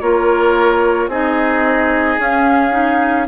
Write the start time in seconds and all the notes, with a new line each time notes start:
0.00 A#3 F4 A#4 C#5
1.07 C4 D#4 G#4 D#5
2.19 C#4 F5
2.71 D#4